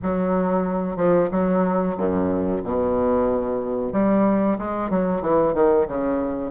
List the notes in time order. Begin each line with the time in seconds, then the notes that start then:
0.02 F#3
0.96 F3
1.31 F#3
1.97 F#2
2.63 B2
3.92 G3
4.58 G#3
4.89 F#3
5.21 E3
5.53 D#3
5.87 C#3